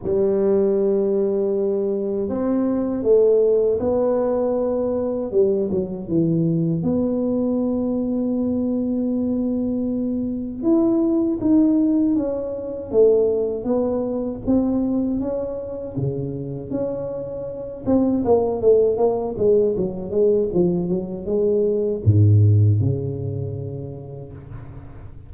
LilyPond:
\new Staff \with { instrumentName = "tuba" } { \time 4/4 \tempo 4 = 79 g2. c'4 | a4 b2 g8 fis8 | e4 b2.~ | b2 e'4 dis'4 |
cis'4 a4 b4 c'4 | cis'4 cis4 cis'4. c'8 | ais8 a8 ais8 gis8 fis8 gis8 f8 fis8 | gis4 gis,4 cis2 | }